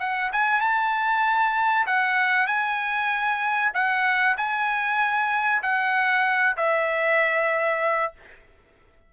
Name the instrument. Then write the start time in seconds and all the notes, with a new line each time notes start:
trumpet
0.00 F#5
0.33 G#5
0.61 A5
1.86 F#5
2.47 G#5
3.74 F#5
4.37 G#5
5.62 F#5
6.57 E5